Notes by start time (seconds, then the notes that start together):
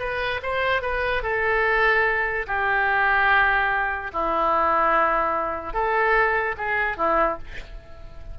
0.00 B4
0.43 C5
0.83 B4
1.23 A4
2.47 G4
4.13 E4
5.74 A4
6.58 G#4
6.98 E4